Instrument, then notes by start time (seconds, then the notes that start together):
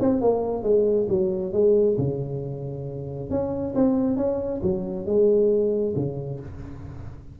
tuba
0.00 C4
0.21 A#3
0.63 G#3
1.09 F#3
1.53 G#3
1.98 C#3
3.30 C#4
3.75 C4
4.17 C#4
4.63 F#3
5.06 G#3
5.96 C#3